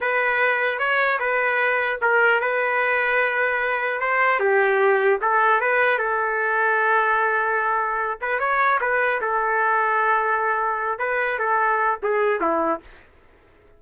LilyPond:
\new Staff \with { instrumentName = "trumpet" } { \time 4/4 \tempo 4 = 150 b'2 cis''4 b'4~ | b'4 ais'4 b'2~ | b'2 c''4 g'4~ | g'4 a'4 b'4 a'4~ |
a'1~ | a'8 b'8 cis''4 b'4 a'4~ | a'2.~ a'8 b'8~ | b'8 a'4. gis'4 e'4 | }